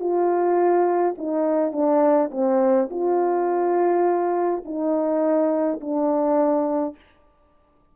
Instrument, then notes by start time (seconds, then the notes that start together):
horn
0.00 F4
1.18 D#4
1.73 D4
2.32 C4
2.91 F4
4.65 D#4
5.81 D4